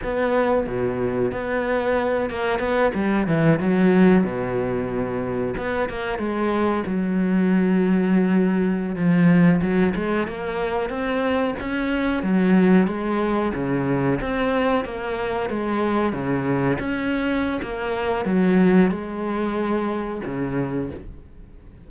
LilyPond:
\new Staff \with { instrumentName = "cello" } { \time 4/4 \tempo 4 = 92 b4 b,4 b4. ais8 | b8 g8 e8 fis4 b,4.~ | b,8 b8 ais8 gis4 fis4.~ | fis4.~ fis16 f4 fis8 gis8 ais16~ |
ais8. c'4 cis'4 fis4 gis16~ | gis8. cis4 c'4 ais4 gis16~ | gis8. cis4 cis'4~ cis'16 ais4 | fis4 gis2 cis4 | }